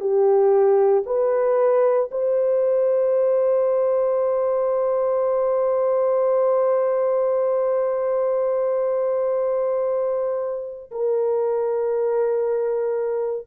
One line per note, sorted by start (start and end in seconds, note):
0.00 1.03 G4
1.06 2.09 B4
2.11 10.90 C5
10.91 13.46 A#4